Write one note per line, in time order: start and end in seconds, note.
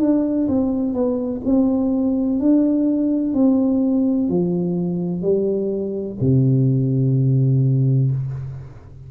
0.00 0.48 D4
0.48 0.94 C4
0.94 1.41 B3
1.45 2.40 C4
2.40 3.34 D4
3.34 4.29 C4
4.29 5.22 F3
5.22 6.17 G3
6.20 8.11 C3